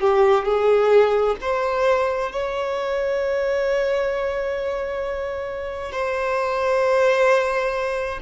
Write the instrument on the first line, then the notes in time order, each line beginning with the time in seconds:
violin
0.00 G4
0.45 G#4
1.41 C5
2.32 C#5
5.92 C5